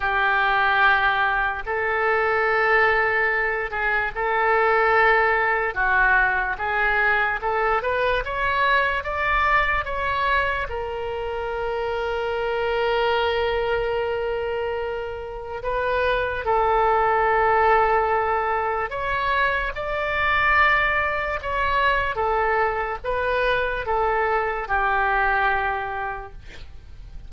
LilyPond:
\new Staff \with { instrumentName = "oboe" } { \time 4/4 \tempo 4 = 73 g'2 a'2~ | a'8 gis'8 a'2 fis'4 | gis'4 a'8 b'8 cis''4 d''4 | cis''4 ais'2.~ |
ais'2. b'4 | a'2. cis''4 | d''2 cis''4 a'4 | b'4 a'4 g'2 | }